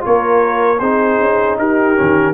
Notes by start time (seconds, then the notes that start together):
0.00 A#3 F4 A#4 C#5
0.79 C4 D#4 G#4 C5
1.20 C#4
1.58 D#4 G4 A#4
1.96 D#3 C#4